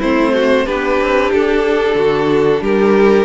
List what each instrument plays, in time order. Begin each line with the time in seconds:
0.00 cello A3, viola C4, violin E4 C5
0.34 violin F#4
0.66 cello B3, viola D4, violin G4 B4
1.01 cello C4
1.33 cello D4, violin A4
1.95 cello D3, violin F#4
2.62 cello G3, violin G4 A#4